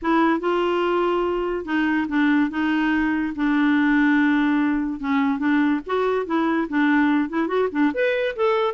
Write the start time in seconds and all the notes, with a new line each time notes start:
0.02 E4
0.40 F4
1.65 D#4
2.08 D4
2.50 D#4
3.35 D4
5.00 C#4
5.38 D4
5.86 F#4
6.26 E4
6.68 D4
7.29 E4
7.47 F#4
7.71 D4
7.93 B4
8.35 A4